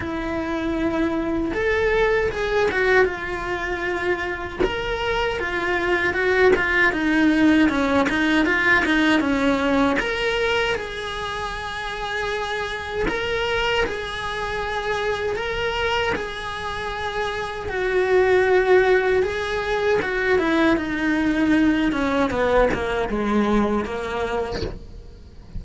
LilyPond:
\new Staff \with { instrumentName = "cello" } { \time 4/4 \tempo 4 = 78 e'2 a'4 gis'8 fis'8 | f'2 ais'4 f'4 | fis'8 f'8 dis'4 cis'8 dis'8 f'8 dis'8 | cis'4 ais'4 gis'2~ |
gis'4 ais'4 gis'2 | ais'4 gis'2 fis'4~ | fis'4 gis'4 fis'8 e'8 dis'4~ | dis'8 cis'8 b8 ais8 gis4 ais4 | }